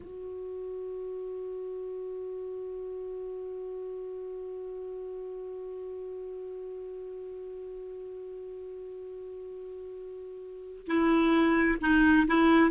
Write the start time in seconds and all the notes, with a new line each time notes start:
0.00 F#4
10.87 E4
11.81 D#4
12.27 E4